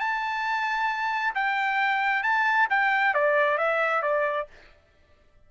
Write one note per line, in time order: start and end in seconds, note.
0.00 1.34 A5
1.35 2.23 G5
2.23 2.68 A5
2.70 3.14 G5
3.14 3.58 D5
3.58 4.03 E5
4.03 4.47 D5